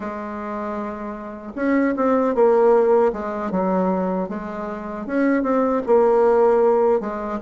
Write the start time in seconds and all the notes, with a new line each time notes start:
0.00 G#3
1.55 C#4
1.96 C4
2.34 A#3
3.12 G#3
3.51 F#3
4.29 G#3
5.06 C#4
5.43 C4
5.86 A#3
7.00 G#3